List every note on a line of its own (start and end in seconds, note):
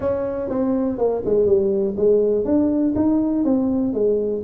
0.00 0.49 C#4
0.49 0.97 C4
0.97 1.22 A#3
1.25 1.46 G#3
1.46 1.95 G3
1.96 2.45 G#3
2.45 2.94 D4
2.95 3.44 D#4
3.44 3.93 C4
3.93 4.42 G#3